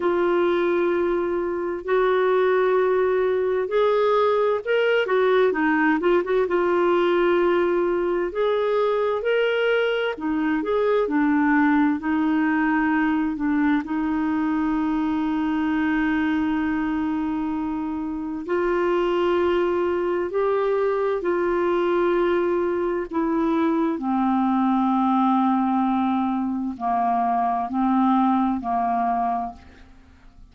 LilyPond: \new Staff \with { instrumentName = "clarinet" } { \time 4/4 \tempo 4 = 65 f'2 fis'2 | gis'4 ais'8 fis'8 dis'8 f'16 fis'16 f'4~ | f'4 gis'4 ais'4 dis'8 gis'8 | d'4 dis'4. d'8 dis'4~ |
dis'1 | f'2 g'4 f'4~ | f'4 e'4 c'2~ | c'4 ais4 c'4 ais4 | }